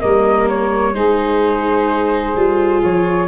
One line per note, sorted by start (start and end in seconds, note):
0.00 0.95 G3
0.00 0.94 A#3
0.00 0.93 A#4
0.00 0.47 D#5
0.48 0.94 C#5
0.93 2.35 G#3
0.93 2.35 D#4
0.93 3.27 G#4
0.93 2.82 C5
2.36 2.83 G3
2.36 3.28 F4
2.83 3.28 F3
2.83 3.28 C#5